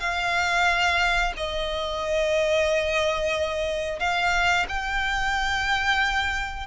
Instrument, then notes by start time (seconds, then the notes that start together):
violin
0.00 F5
1.37 D#5
3.99 F5
4.69 G5